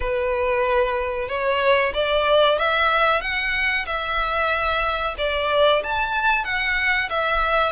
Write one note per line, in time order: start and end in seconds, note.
0.00 1.28 B4
1.28 1.92 C#5
1.94 2.58 D5
2.58 3.21 E5
3.21 3.85 F#5
3.85 5.14 E5
5.18 5.82 D5
5.83 6.44 A5
6.44 7.09 F#5
7.09 7.72 E5